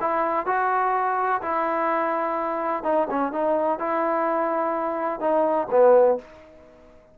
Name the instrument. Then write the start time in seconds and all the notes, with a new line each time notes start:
trombone
0.00 E4
0.46 F#4
1.42 E4
2.83 D#4
3.10 C#4
3.32 D#4
3.79 E4
5.20 D#4
5.70 B3